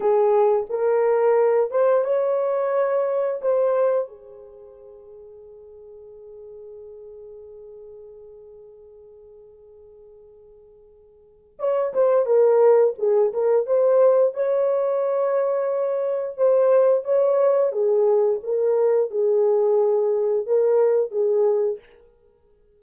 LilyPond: \new Staff \with { instrumentName = "horn" } { \time 4/4 \tempo 4 = 88 gis'4 ais'4. c''8 cis''4~ | cis''4 c''4 gis'2~ | gis'1~ | gis'1~ |
gis'4 cis''8 c''8 ais'4 gis'8 ais'8 | c''4 cis''2. | c''4 cis''4 gis'4 ais'4 | gis'2 ais'4 gis'4 | }